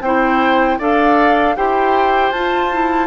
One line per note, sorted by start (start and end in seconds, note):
0.00 0.77 C4
0.00 0.79 E4
0.00 0.78 C5
0.00 0.78 G5
0.78 1.56 D4
0.78 1.56 A4
0.78 1.55 D5
0.78 1.56 F5
1.56 2.31 E4
1.56 2.33 G4
1.56 3.07 C5
1.56 2.31 G5
2.31 3.07 F4
2.31 2.72 F4
2.31 3.07 A5
2.72 3.07 E4